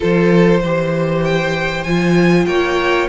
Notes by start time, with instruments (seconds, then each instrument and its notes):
0.00 cello F3, viola F4, violin A4 C5
0.60 cello E3, viola G4, violin C5
1.24 violin G5
1.83 cello F3, viola F4, violin G#5
2.45 cello A#3, violin C#5 G5